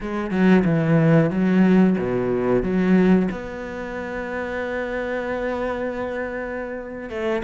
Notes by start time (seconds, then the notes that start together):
0.00 G#3
0.30 F#3
0.64 E3
1.30 F#3
1.98 B2
2.63 F#3
3.31 B3
7.09 A3